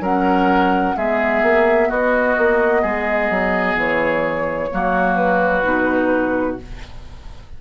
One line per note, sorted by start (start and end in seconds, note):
0.00 0.94 F#3
0.00 0.96 C#4
0.00 0.95 A#4
0.00 0.97 F#5
0.96 1.42 G#3
0.96 4.70 B3
0.96 1.88 G#4
0.96 1.90 E5
1.42 1.89 A#3
1.88 2.36 B3
1.88 2.81 F#4
1.88 3.78 D#5
2.38 2.83 A#3
2.81 3.30 G#3
2.81 4.69 G#4
3.30 3.75 F#3
3.75 4.69 E3
3.75 5.15 C#5
4.70 5.64 F#3
4.70 5.63 A#3
4.70 6.61 F#4
5.15 6.56 B4
5.63 6.58 B2
5.63 6.57 D#4